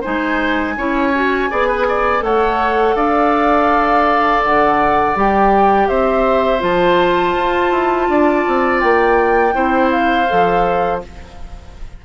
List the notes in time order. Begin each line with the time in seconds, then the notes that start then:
0.00 G#3 D#4 C5 G#5
0.77 C#4 E4 C#5
1.14 F#4
1.49 B3 G#4 D5
1.68 B4
1.88 D5
2.19 A3 A4 C#5 F#5
2.95 D4 D5 F5
4.43 D3 F#5
5.15 G3 G4 G5
5.88 C4 C5 E5
6.59 F3 F4 A5
7.35 F4
7.70 E4
8.08 D4 D5
8.47 C4
8.80 A#3 G5
9.53 C4 E4 C5
9.90 F5
10.28 F3 A4